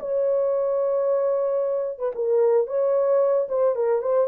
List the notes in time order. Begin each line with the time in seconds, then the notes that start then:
0.00 C#5
1.99 B4
2.15 A#4
2.67 C#5
3.49 C5
3.75 A#4
4.02 C5